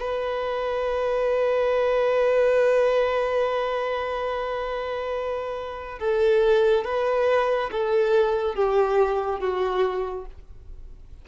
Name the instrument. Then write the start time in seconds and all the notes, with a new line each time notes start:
violin
0.00 B4
6.00 A4
6.85 B4
7.72 A4
8.55 G4
9.40 F#4